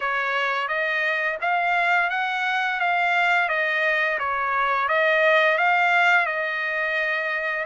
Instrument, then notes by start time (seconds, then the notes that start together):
trumpet
0.00 C#5
0.68 D#5
1.41 F5
2.10 F#5
2.79 F5
3.49 D#5
4.18 C#5
4.88 D#5
5.58 F5
6.26 D#5